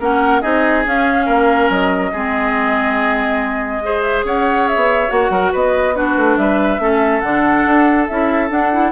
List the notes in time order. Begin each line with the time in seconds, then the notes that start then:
0.00 A#3 C#4 A#4 F#5
0.42 C4 D#4 G#4 D#5
0.85 C#4 F5
1.26 A#3 A#4
1.70 F#3 D#5
2.12 G#3 C4 G#4
3.82 G#4 C5
4.02 E5
4.24 C#4 C#5 F#5
4.68 E5
4.76 B3
5.08 A#3 F#4 F#5
5.30 F#3 A#4
5.52 B3 B4 D#5
5.95 D4 F#4 B4
6.16 A3
6.37 G3 B4 E5
6.79 A3 C#4 A4
7.21 D3 D4 F#5
7.66 D4
8.07 C#4 E4 E5
8.49 D4 F#5
8.73 E4